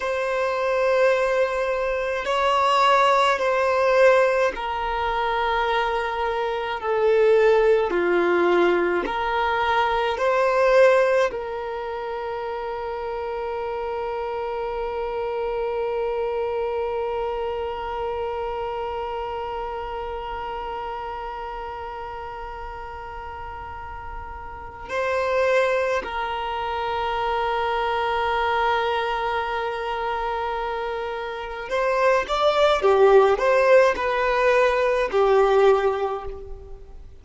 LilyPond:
\new Staff \with { instrumentName = "violin" } { \time 4/4 \tempo 4 = 53 c''2 cis''4 c''4 | ais'2 a'4 f'4 | ais'4 c''4 ais'2~ | ais'1~ |
ais'1~ | ais'2 c''4 ais'4~ | ais'1 | c''8 d''8 g'8 c''8 b'4 g'4 | }